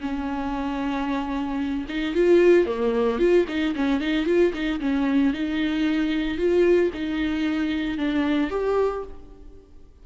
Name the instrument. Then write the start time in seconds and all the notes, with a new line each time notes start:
viola
0.00 C#4
1.88 D#4
2.14 F4
2.66 A#3
3.19 F4
3.48 D#4
3.75 C#4
4.00 D#4
4.26 F4
4.53 D#4
4.80 C#4
5.33 D#4
6.37 F4
6.93 D#4
7.98 D4
8.50 G4